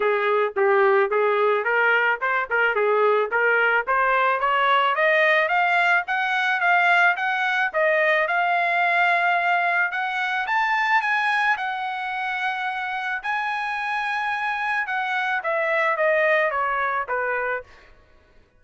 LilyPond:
\new Staff \with { instrumentName = "trumpet" } { \time 4/4 \tempo 4 = 109 gis'4 g'4 gis'4 ais'4 | c''8 ais'8 gis'4 ais'4 c''4 | cis''4 dis''4 f''4 fis''4 | f''4 fis''4 dis''4 f''4~ |
f''2 fis''4 a''4 | gis''4 fis''2. | gis''2. fis''4 | e''4 dis''4 cis''4 b'4 | }